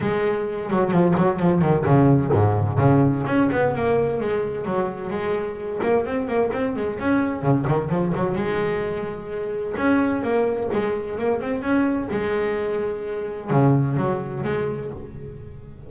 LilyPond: \new Staff \with { instrumentName = "double bass" } { \time 4/4 \tempo 4 = 129 gis4. fis8 f8 fis8 f8 dis8 | cis4 gis,4 cis4 cis'8 b8 | ais4 gis4 fis4 gis4~ | gis8 ais8 c'8 ais8 c'8 gis8 cis'4 |
cis8 dis8 f8 fis8 gis2~ | gis4 cis'4 ais4 gis4 | ais8 c'8 cis'4 gis2~ | gis4 cis4 fis4 gis4 | }